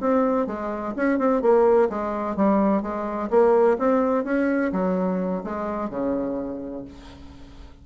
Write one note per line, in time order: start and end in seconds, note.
0.00 0.46 C4
0.46 0.94 G#3
0.96 1.18 C#4
1.18 1.42 C4
1.42 1.89 A#3
1.89 2.36 G#3
2.36 2.82 G3
2.82 3.29 G#3
3.30 3.77 A#3
3.78 4.24 C4
4.24 4.71 C#4
4.72 5.43 F#3
5.44 5.90 G#3
5.90 6.84 C#3